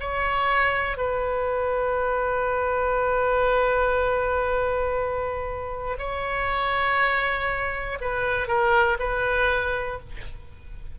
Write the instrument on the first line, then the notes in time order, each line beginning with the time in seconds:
oboe
0.00 C#5
0.97 B4
5.99 C#5
8.01 B4
8.48 A#4
8.99 B4